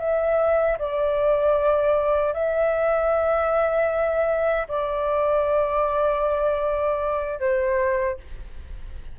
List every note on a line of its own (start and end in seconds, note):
0.00 0.78 E5
0.79 2.34 D5
2.34 4.68 E5
4.68 7.40 D5
7.40 8.18 C5